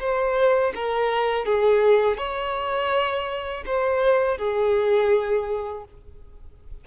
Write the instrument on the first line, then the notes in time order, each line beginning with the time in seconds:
violin
0.00 C5
0.75 A#4
1.46 G#4
2.18 C#5
3.67 C5
4.38 G#4